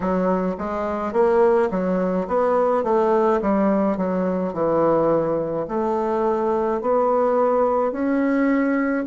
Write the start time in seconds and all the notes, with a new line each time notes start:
0.00 F#3
0.58 G#3
1.12 A#3
1.70 F#3
2.27 B3
2.83 A3
3.41 G3
3.97 F#3
4.53 E3
5.68 A3
6.81 B3
7.92 C#4